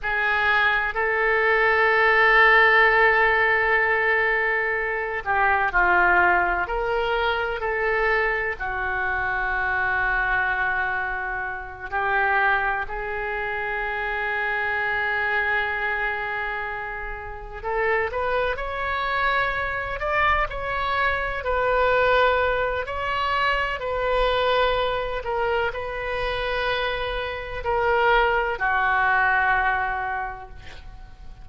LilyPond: \new Staff \with { instrumentName = "oboe" } { \time 4/4 \tempo 4 = 63 gis'4 a'2.~ | a'4. g'8 f'4 ais'4 | a'4 fis'2.~ | fis'8 g'4 gis'2~ gis'8~ |
gis'2~ gis'8 a'8 b'8 cis''8~ | cis''4 d''8 cis''4 b'4. | cis''4 b'4. ais'8 b'4~ | b'4 ais'4 fis'2 | }